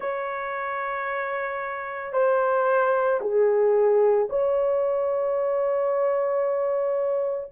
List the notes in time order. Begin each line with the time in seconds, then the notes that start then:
0.00 C#5
2.12 C5
3.20 G#4
4.29 C#5